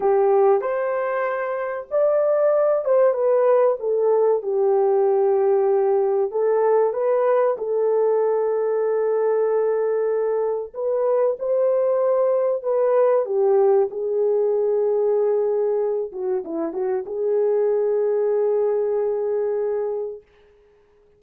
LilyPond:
\new Staff \with { instrumentName = "horn" } { \time 4/4 \tempo 4 = 95 g'4 c''2 d''4~ | d''8 c''8 b'4 a'4 g'4~ | g'2 a'4 b'4 | a'1~ |
a'4 b'4 c''2 | b'4 g'4 gis'2~ | gis'4. fis'8 e'8 fis'8 gis'4~ | gis'1 | }